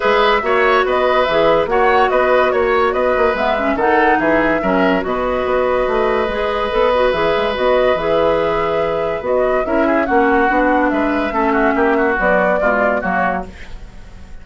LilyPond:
<<
  \new Staff \with { instrumentName = "flute" } { \time 4/4 \tempo 4 = 143 e''2 dis''4 e''4 | fis''4 dis''4 cis''4 dis''4 | e''4 fis''4 e''2 | dis''1~ |
dis''4 e''4 dis''4 e''4~ | e''2 dis''4 e''4 | fis''2 e''2~ | e''4 d''2 cis''4 | }
  \new Staff \with { instrumentName = "oboe" } { \time 4/4 b'4 cis''4 b'2 | cis''4 b'4 cis''4 b'4~ | b'4 a'4 gis'4 ais'4 | b'1~ |
b'1~ | b'2. ais'8 gis'8 | fis'2 b'4 a'8 fis'8 | g'8 fis'4. f'4 fis'4 | }
  \new Staff \with { instrumentName = "clarinet" } { \time 4/4 gis'4 fis'2 gis'4 | fis'1 | b8 cis'8 dis'2 cis'4 | fis'2. gis'4 |
a'8 fis'8 gis'4 fis'4 gis'4~ | gis'2 fis'4 e'4 | cis'4 d'2 cis'4~ | cis'4 fis4 gis4 ais4 | }
  \new Staff \with { instrumentName = "bassoon" } { \time 4/4 gis4 ais4 b4 e4 | ais4 b4 ais4 b8 ais8 | gis4 dis4 e4 fis4 | b,4 b4 a4 gis4 |
b4 e8 gis8 b4 e4~ | e2 b4 cis'4 | ais4 b4 gis4 a4 | ais4 b4 b,4 fis4 | }
>>